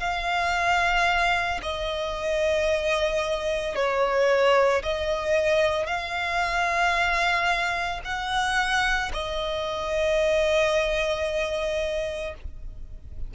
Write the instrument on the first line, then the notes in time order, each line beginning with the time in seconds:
violin
0.00 F5
1.62 D#5
3.75 C#5
4.83 D#5
5.86 F5
8.05 F#5
9.13 D#5